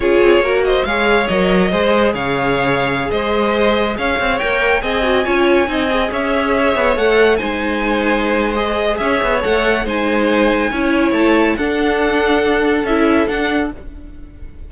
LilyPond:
<<
  \new Staff \with { instrumentName = "violin" } { \time 4/4 \tempo 4 = 140 cis''4. dis''8 f''4 dis''4~ | dis''4 f''2~ f''16 dis''8.~ | dis''4~ dis''16 f''4 g''4 gis''8.~ | gis''2~ gis''16 e''4.~ e''16~ |
e''16 fis''4 gis''2~ gis''8. | dis''4 e''4 fis''4 gis''4~ | gis''2 a''4 fis''4~ | fis''2 e''4 fis''4 | }
  \new Staff \with { instrumentName = "violin" } { \time 4/4 gis'4 ais'8 c''8 cis''2 | c''4 cis''2~ cis''16 c''8.~ | c''4~ c''16 cis''2 dis''8.~ | dis''16 cis''4 dis''4 cis''4.~ cis''16~ |
cis''4~ cis''16 c''2~ c''8.~ | c''4 cis''2 c''4~ | c''4 cis''2 a'4~ | a'1 | }
  \new Staff \with { instrumentName = "viola" } { \time 4/4 f'4 fis'4 gis'4 ais'4 | gis'1~ | gis'2~ gis'16 ais'4 gis'8 fis'16~ | fis'16 f'4 dis'8 gis'2~ gis'16~ |
gis'16 a'4 dis'2~ dis'8. | gis'2 a'4 dis'4~ | dis'4 e'2 d'4~ | d'2 e'4 d'4 | }
  \new Staff \with { instrumentName = "cello" } { \time 4/4 cis'8 c'8 ais4 gis4 fis4 | gis4 cis2~ cis16 gis8.~ | gis4~ gis16 cis'8 c'8 ais4 c'8.~ | c'16 cis'4 c'4 cis'4. b16~ |
b16 a4 gis2~ gis8.~ | gis4 cis'8 b8 a4 gis4~ | gis4 cis'4 a4 d'4~ | d'2 cis'4 d'4 | }
>>